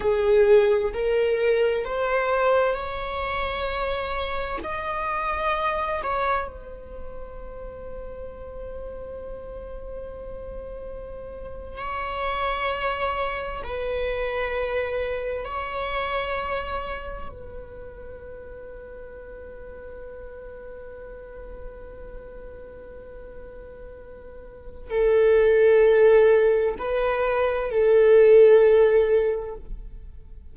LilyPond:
\new Staff \with { instrumentName = "viola" } { \time 4/4 \tempo 4 = 65 gis'4 ais'4 c''4 cis''4~ | cis''4 dis''4. cis''8 c''4~ | c''1~ | c''8. cis''2 b'4~ b'16~ |
b'8. cis''2 b'4~ b'16~ | b'1~ | b'2. a'4~ | a'4 b'4 a'2 | }